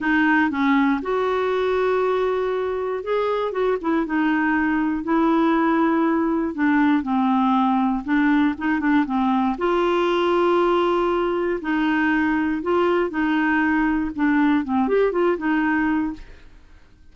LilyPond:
\new Staff \with { instrumentName = "clarinet" } { \time 4/4 \tempo 4 = 119 dis'4 cis'4 fis'2~ | fis'2 gis'4 fis'8 e'8 | dis'2 e'2~ | e'4 d'4 c'2 |
d'4 dis'8 d'8 c'4 f'4~ | f'2. dis'4~ | dis'4 f'4 dis'2 | d'4 c'8 g'8 f'8 dis'4. | }